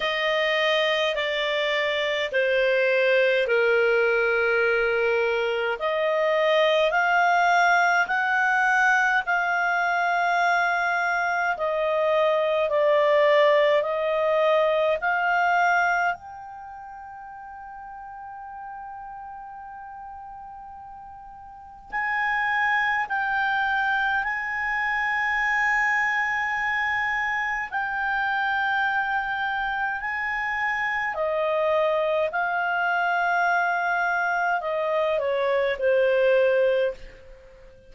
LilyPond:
\new Staff \with { instrumentName = "clarinet" } { \time 4/4 \tempo 4 = 52 dis''4 d''4 c''4 ais'4~ | ais'4 dis''4 f''4 fis''4 | f''2 dis''4 d''4 | dis''4 f''4 g''2~ |
g''2. gis''4 | g''4 gis''2. | g''2 gis''4 dis''4 | f''2 dis''8 cis''8 c''4 | }